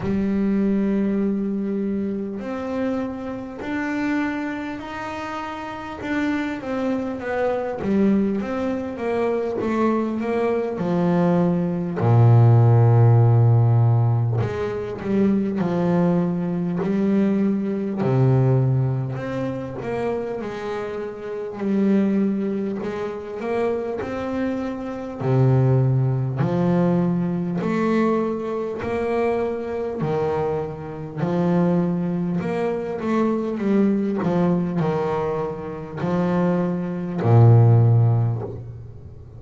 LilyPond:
\new Staff \with { instrumentName = "double bass" } { \time 4/4 \tempo 4 = 50 g2 c'4 d'4 | dis'4 d'8 c'8 b8 g8 c'8 ais8 | a8 ais8 f4 ais,2 | gis8 g8 f4 g4 c4 |
c'8 ais8 gis4 g4 gis8 ais8 | c'4 c4 f4 a4 | ais4 dis4 f4 ais8 a8 | g8 f8 dis4 f4 ais,4 | }